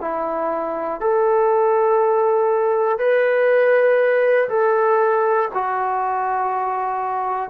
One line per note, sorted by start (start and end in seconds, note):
0.00 1.00 E4
1.00 2.98 A4
2.98 4.48 B4
4.49 5.49 A4
5.54 7.50 F#4